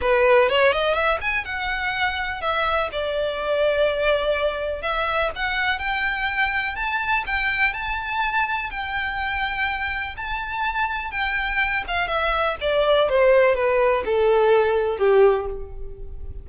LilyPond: \new Staff \with { instrumentName = "violin" } { \time 4/4 \tempo 4 = 124 b'4 cis''8 dis''8 e''8 gis''8 fis''4~ | fis''4 e''4 d''2~ | d''2 e''4 fis''4 | g''2 a''4 g''4 |
a''2 g''2~ | g''4 a''2 g''4~ | g''8 f''8 e''4 d''4 c''4 | b'4 a'2 g'4 | }